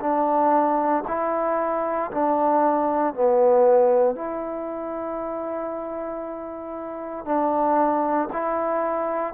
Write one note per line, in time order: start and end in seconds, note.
0.00 1.03 D4
1.07 2.11 E4
2.11 3.14 D4
3.14 4.15 B3
4.15 7.25 E4
7.25 8.29 D4
8.32 9.33 E4